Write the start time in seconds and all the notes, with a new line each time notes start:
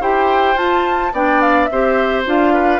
0.00 E4 G4 C5 G5
0.55 F4 A5
1.12 B3 D4 D5 G5
1.41 F5
1.64 E5
1.71 C4 G4 C5
2.25 D4 F4 F5
2.53 B4